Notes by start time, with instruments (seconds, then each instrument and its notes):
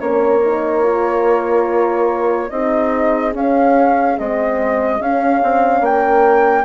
0.00 bassoon A#3, horn C#4 A#4, flute C#5
0.44 horn D#4
0.83 horn F4
2.49 bassoon C4, horn D#4 G#4, flute D#5
3.32 horn C#4, bassoon C#4, flute F5
4.18 bassoon G#3, horn C4, flute D#5
5.00 bassoon C#4, horn C#4, flute F5
5.43 bassoon C4
5.81 bassoon A#3, horn A#4, flute G5